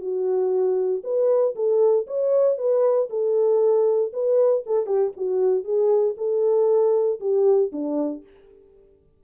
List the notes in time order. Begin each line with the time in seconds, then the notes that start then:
0.00 F#4
1.03 B4
1.55 A4
2.07 C#5
2.58 B4
3.09 A4
4.13 B4
4.66 A4
4.86 G4
5.17 F#4
5.64 G#4
6.17 A4
7.20 G4
7.72 D4